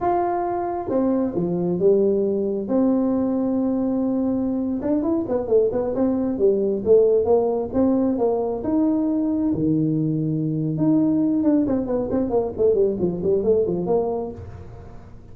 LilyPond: \new Staff \with { instrumentName = "tuba" } { \time 4/4 \tempo 4 = 134 f'2 c'4 f4 | g2 c'2~ | c'2~ c'8. d'8 e'8 b16~ | b16 a8 b8 c'4 g4 a8.~ |
a16 ais4 c'4 ais4 dis'8.~ | dis'4~ dis'16 dis2~ dis8. | dis'4. d'8 c'8 b8 c'8 ais8 | a8 g8 f8 g8 a8 f8 ais4 | }